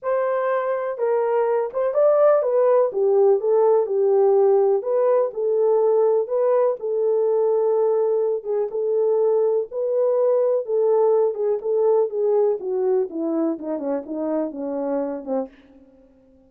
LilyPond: \new Staff \with { instrumentName = "horn" } { \time 4/4 \tempo 4 = 124 c''2 ais'4. c''8 | d''4 b'4 g'4 a'4 | g'2 b'4 a'4~ | a'4 b'4 a'2~ |
a'4. gis'8 a'2 | b'2 a'4. gis'8 | a'4 gis'4 fis'4 e'4 | dis'8 cis'8 dis'4 cis'4. c'8 | }